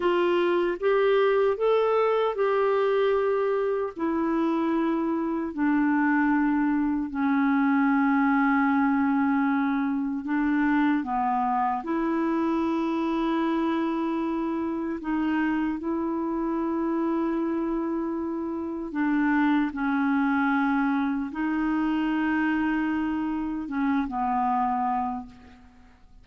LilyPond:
\new Staff \with { instrumentName = "clarinet" } { \time 4/4 \tempo 4 = 76 f'4 g'4 a'4 g'4~ | g'4 e'2 d'4~ | d'4 cis'2.~ | cis'4 d'4 b4 e'4~ |
e'2. dis'4 | e'1 | d'4 cis'2 dis'4~ | dis'2 cis'8 b4. | }